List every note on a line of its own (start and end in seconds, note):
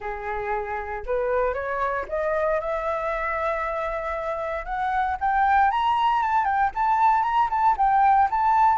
0.00 1.04 G#4
1.06 1.54 B4
1.54 2.05 C#5
2.08 2.60 D#5
2.60 4.65 E5
4.65 5.17 F#5
5.20 5.70 G5
5.70 6.22 A#5
6.22 6.44 A5
6.44 6.70 G5
6.74 7.22 A5
7.22 7.48 A#5
7.50 7.76 A5
7.77 8.29 G5
8.30 8.77 A5